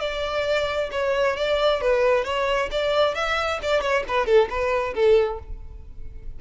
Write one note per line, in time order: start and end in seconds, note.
0.00 0.90 D5
0.92 1.36 C#5
1.36 1.81 D5
1.81 2.24 B4
2.24 2.69 C#5
2.71 3.15 D5
3.15 3.59 E5
3.62 3.81 D5
3.81 4.04 C#5
4.08 4.26 B4
4.26 4.48 A4
4.49 4.94 B4
4.94 5.39 A4